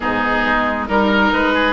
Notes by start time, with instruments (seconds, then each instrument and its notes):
0.00 bassoon G#2, viola B3, oboe D#4 G#4
0.45 bassoon G#3
0.88 bassoon G3, viola D#4, oboe A#4
1.32 bassoon G#3, oboe B4
1.54 oboe G#4